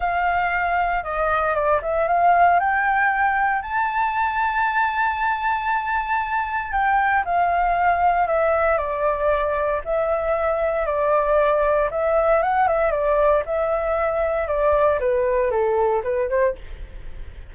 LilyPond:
\new Staff \with { instrumentName = "flute" } { \time 4/4 \tempo 4 = 116 f''2 dis''4 d''8 e''8 | f''4 g''2 a''4~ | a''1~ | a''4 g''4 f''2 |
e''4 d''2 e''4~ | e''4 d''2 e''4 | fis''8 e''8 d''4 e''2 | d''4 b'4 a'4 b'8 c''8 | }